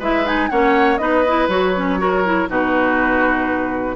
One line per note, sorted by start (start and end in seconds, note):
0.00 0.50 G#3
0.00 0.26 E4
0.00 0.50 B4
0.00 0.27 E5
0.26 0.50 D#4
0.26 0.50 G#5
0.50 1.00 A#3
0.50 0.99 C#4
0.50 1.01 C#5
0.50 0.98 F#5
0.98 1.48 B3
0.98 1.24 D#4
0.98 2.01 B4
0.98 1.48 D#5
1.28 1.50 E4
1.48 2.48 F#3
1.48 1.75 F#4
1.48 2.49 C#5
1.76 1.99 C#4
1.99 2.24 F#4
1.99 2.50 A#4
2.25 2.49 E4
2.49 3.97 B2
2.49 3.97 D#4
2.49 3.97 F#4
2.49 3.97 B4